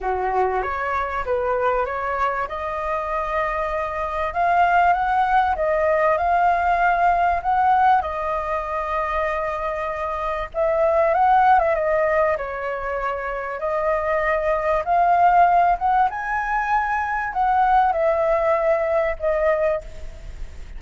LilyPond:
\new Staff \with { instrumentName = "flute" } { \time 4/4 \tempo 4 = 97 fis'4 cis''4 b'4 cis''4 | dis''2. f''4 | fis''4 dis''4 f''2 | fis''4 dis''2.~ |
dis''4 e''4 fis''8. e''16 dis''4 | cis''2 dis''2 | f''4. fis''8 gis''2 | fis''4 e''2 dis''4 | }